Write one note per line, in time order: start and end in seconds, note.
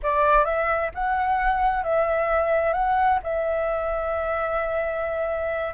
0.02 0.44 D5
0.44 0.90 E5
0.94 1.83 F#5
1.83 2.73 E5
2.73 3.19 F#5
3.23 5.74 E5